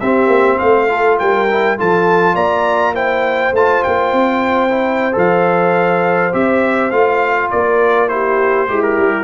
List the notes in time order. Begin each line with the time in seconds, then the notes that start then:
0.00 C4 G4 E5
0.27 A#3
0.58 A3 C5 F5
0.88 F4 A4
1.19 G3 A#4 G5
1.50 E4
1.78 F3 F4 A4 A5
2.34 A#3 D5 A#5
2.94 E4 C5 G5
3.53 A3 F4 A5
3.83 A#3 G5
4.12 C4
4.70 E4
5.12 F3 A4 F5
6.32 C4 G4 E5
6.91 A3 F4 F5
7.50 A#3 A#4 D5
8.08 E4 G4 C5
8.68 G#3 E4 G4
8.82 A#4
8.98 G3